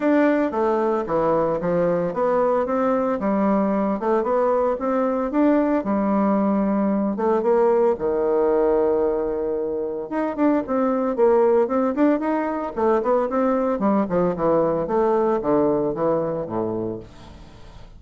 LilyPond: \new Staff \with { instrumentName = "bassoon" } { \time 4/4 \tempo 4 = 113 d'4 a4 e4 f4 | b4 c'4 g4. a8 | b4 c'4 d'4 g4~ | g4. a8 ais4 dis4~ |
dis2. dis'8 d'8 | c'4 ais4 c'8 d'8 dis'4 | a8 b8 c'4 g8 f8 e4 | a4 d4 e4 a,4 | }